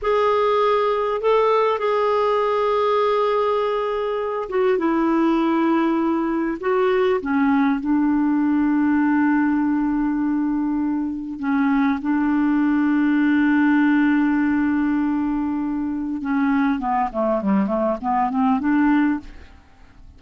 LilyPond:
\new Staff \with { instrumentName = "clarinet" } { \time 4/4 \tempo 4 = 100 gis'2 a'4 gis'4~ | gis'2.~ gis'8 fis'8 | e'2. fis'4 | cis'4 d'2.~ |
d'2. cis'4 | d'1~ | d'2. cis'4 | b8 a8 g8 a8 b8 c'8 d'4 | }